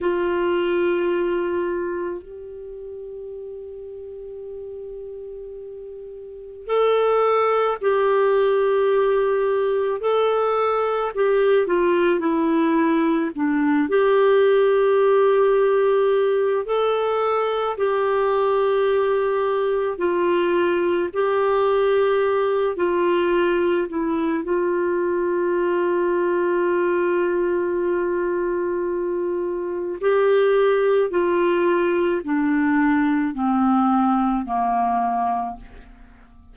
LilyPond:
\new Staff \with { instrumentName = "clarinet" } { \time 4/4 \tempo 4 = 54 f'2 g'2~ | g'2 a'4 g'4~ | g'4 a'4 g'8 f'8 e'4 | d'8 g'2~ g'8 a'4 |
g'2 f'4 g'4~ | g'8 f'4 e'8 f'2~ | f'2. g'4 | f'4 d'4 c'4 ais4 | }